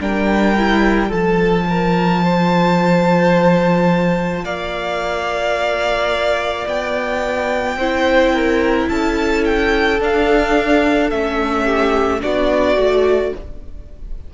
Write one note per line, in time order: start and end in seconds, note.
0.00 1.11 G3
0.00 0.56 D4
0.00 1.08 A#4
0.00 1.12 G5
0.58 1.10 E4
1.08 4.44 F3
1.08 7.76 F4
1.08 1.64 A4
1.08 4.45 A5
1.69 2.24 A#4
2.24 4.44 C5
4.44 6.66 A#3
4.44 7.78 D5
4.44 6.67 F5
6.66 7.76 B3
6.66 8.89 G5
7.76 8.87 C4
7.76 10.00 E4
7.76 8.34 C5
8.34 8.89 A#4
8.89 10.00 C#4
8.89 11.64 A4
8.89 9.44 A5
9.45 10.00 G5
10.00 11.11 D4
10.00 11.10 F5
11.10 12.22 A3
11.10 12.21 C#4
11.10 12.21 E5
11.64 12.20 G4
12.21 12.76 B3
12.21 12.76 D4
12.21 13.34 F#4
12.21 13.34 D5
12.76 13.31 A3
12.76 13.34 F#4